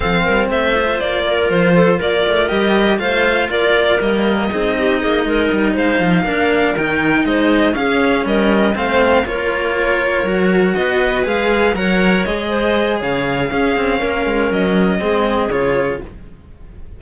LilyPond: <<
  \new Staff \with { instrumentName = "violin" } { \time 4/4 \tempo 4 = 120 f''4 e''4 d''4 c''4 | d''4 dis''4 f''4 d''4 | dis''2.~ dis''8 f''8~ | f''4. g''4 dis''4 f''8~ |
f''8 dis''4 f''4 cis''4.~ | cis''4. dis''4 f''4 fis''8~ | fis''8 dis''4. f''2~ | f''4 dis''2 cis''4 | }
  \new Staff \with { instrumentName = "clarinet" } { \time 4/4 a'8 ais'8 c''4. ais'4 a'8 | ais'2 c''4 ais'4~ | ais'4 gis'8 g'8 gis'8 ais'4 c''8~ | c''8 ais'2 c''4 gis'8~ |
gis'8 ais'4 c''4 ais'4.~ | ais'4. b'2 cis''8~ | cis''4 c''4 cis''4 gis'4 | ais'2 gis'2 | }
  \new Staff \with { instrumentName = "cello" } { \time 4/4 c'4. f'2~ f'8~ | f'4 g'4 f'2 | ais4 dis'2.~ | dis'8 d'4 dis'2 cis'8~ |
cis'4. c'4 f'4.~ | f'8 fis'2 gis'4 ais'8~ | ais'8 gis'2~ gis'8 cis'4~ | cis'2 c'4 f'4 | }
  \new Staff \with { instrumentName = "cello" } { \time 4/4 f8 g8 a4 ais4 f4 | ais8 a8 g4 a4 ais4 | g4 c'4 ais8 gis8 g8 gis8 | f8 ais4 dis4 gis4 cis'8~ |
cis'8 g4 a4 ais4.~ | ais8 fis4 b4 gis4 fis8~ | fis8 gis4. cis4 cis'8 c'8 | ais8 gis8 fis4 gis4 cis4 | }
>>